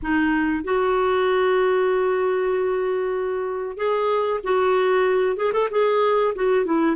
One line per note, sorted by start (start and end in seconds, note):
0.02 0.63 D#4
0.63 3.77 F#4
3.77 4.40 G#4
4.43 5.36 F#4
5.36 5.52 G#4
5.53 5.68 A4
5.70 6.33 G#4
6.35 6.65 F#4
6.65 6.96 E4